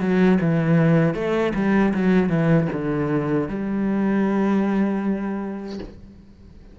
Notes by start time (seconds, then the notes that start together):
0.00 F#3
0.41 E3
1.14 A3
1.55 G3
1.94 F#3
2.29 E3
2.72 D3
3.48 G3